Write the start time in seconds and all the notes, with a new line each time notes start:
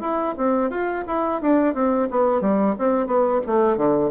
0.00 E4
0.37 C4
0.70 F4
1.07 E4
1.41 D4
1.74 C4
2.10 B3
2.40 G3
2.78 C4
3.06 B3
3.46 A3
3.77 D3